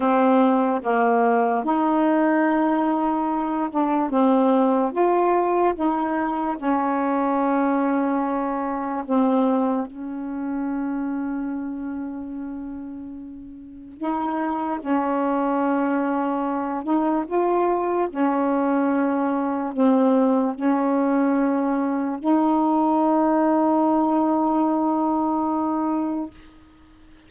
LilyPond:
\new Staff \with { instrumentName = "saxophone" } { \time 4/4 \tempo 4 = 73 c'4 ais4 dis'2~ | dis'8 d'8 c'4 f'4 dis'4 | cis'2. c'4 | cis'1~ |
cis'4 dis'4 cis'2~ | cis'8 dis'8 f'4 cis'2 | c'4 cis'2 dis'4~ | dis'1 | }